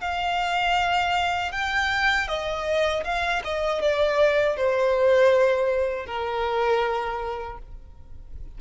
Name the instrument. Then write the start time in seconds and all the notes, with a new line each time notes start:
violin
0.00 F5
1.52 G5
2.28 D#5
3.04 F5
3.44 D#5
3.81 D5
4.56 C5
6.06 A#4